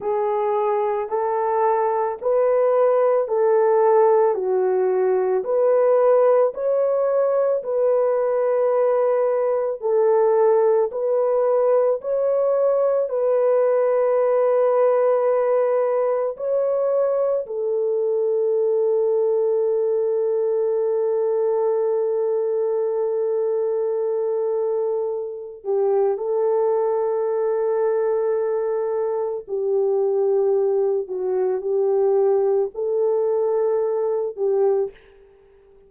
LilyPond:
\new Staff \with { instrumentName = "horn" } { \time 4/4 \tempo 4 = 55 gis'4 a'4 b'4 a'4 | fis'4 b'4 cis''4 b'4~ | b'4 a'4 b'4 cis''4 | b'2. cis''4 |
a'1~ | a'2.~ a'8 g'8 | a'2. g'4~ | g'8 fis'8 g'4 a'4. g'8 | }